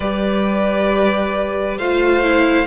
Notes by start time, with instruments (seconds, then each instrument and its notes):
0.00 cello G3, viola G4, violin B4 D5
1.77 cello A3, viola F4, violin C5 F5
2.23 viola E4